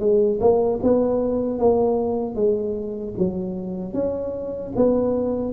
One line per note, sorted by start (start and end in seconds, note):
0.00 0.39 G#3
0.41 0.80 A#3
0.83 1.59 B3
1.59 2.35 A#3
2.35 3.14 G#3
3.18 3.94 F#3
3.94 4.73 C#4
4.76 5.53 B3